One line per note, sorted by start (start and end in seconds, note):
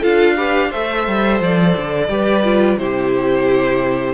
0.00 0.74 D4
0.00 0.36 F4
0.00 0.34 A4
0.00 0.71 F5
0.36 0.71 G4
0.36 0.68 B4
0.68 2.09 A4
0.68 2.06 C5
0.68 1.40 E5
0.74 1.07 A3
1.07 1.41 G3
1.41 1.75 F3
1.41 2.78 D5
1.77 2.08 D3
2.08 2.77 G3
2.08 2.43 G4
2.08 2.79 B4
2.44 2.78 F4
2.78 4.14 C3
2.78 4.14 E4
2.78 4.14 G4
2.78 4.14 C5